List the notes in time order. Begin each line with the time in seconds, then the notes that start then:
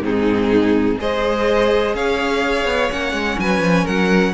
0.00 G#2 C4 D#4 G#4
0.99 G#3 G#4 C5 D#5
1.94 C#4 C#5 F5
2.65 B3
2.90 A#3 C#4 F#5
3.12 G#3
3.38 F#3 B4 G#5
3.60 F3
3.84 F#3 A#4 F#5